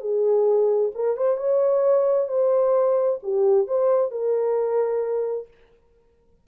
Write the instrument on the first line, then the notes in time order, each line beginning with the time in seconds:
horn
0.00 G#4
0.94 A#4
1.17 C5
1.37 C#5
2.28 C5
3.22 G4
3.67 C5
4.11 A#4